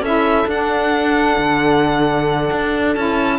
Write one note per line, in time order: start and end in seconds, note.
0.00 0.45 C#4
0.00 0.49 E4
0.00 3.39 A4
0.00 0.50 E5
0.47 1.37 D4
0.47 2.97 D4
0.47 2.94 F#5
1.38 2.51 D3
2.51 2.96 D4
2.94 3.39 C#4
2.94 3.39 E4
2.94 3.39 A5